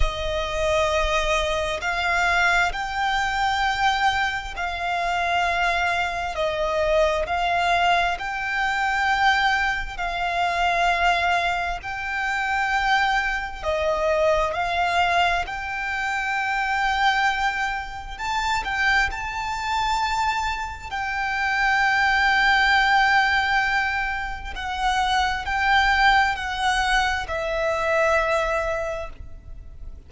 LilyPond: \new Staff \with { instrumentName = "violin" } { \time 4/4 \tempo 4 = 66 dis''2 f''4 g''4~ | g''4 f''2 dis''4 | f''4 g''2 f''4~ | f''4 g''2 dis''4 |
f''4 g''2. | a''8 g''8 a''2 g''4~ | g''2. fis''4 | g''4 fis''4 e''2 | }